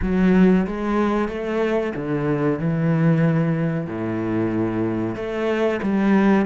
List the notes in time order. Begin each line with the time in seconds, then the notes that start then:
0.02 F#3
0.66 G#3
1.28 A3
1.95 D3
2.59 E3
3.86 A2
5.15 A3
5.82 G3